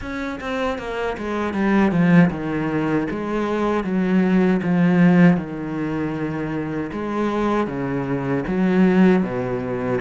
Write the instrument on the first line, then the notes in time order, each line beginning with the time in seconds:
cello
0.01 C#4
0.40 C4
0.78 A#3
1.17 G#3
1.53 G3
1.91 F3
2.30 D#3
3.10 G#3
3.84 F#3
4.62 F3
5.37 D#3
6.92 G#3
7.67 C#3
8.47 F#3
9.23 B2